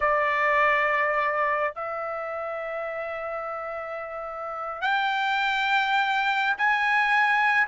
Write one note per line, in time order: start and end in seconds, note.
0.00 1.74 D5
1.74 4.81 E5
4.81 6.56 G5
6.57 7.67 G#5